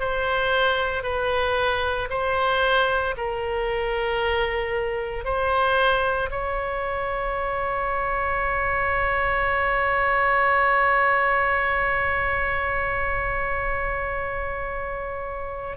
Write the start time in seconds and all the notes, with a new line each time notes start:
0.00 C5
1.04 B4
2.10 C5
3.18 A#4
5.25 C5
6.31 C#5